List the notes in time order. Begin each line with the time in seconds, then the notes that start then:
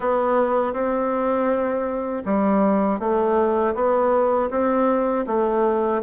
0.00 B3
0.73 C4
2.25 G3
2.99 A3
3.74 B3
4.50 C4
5.26 A3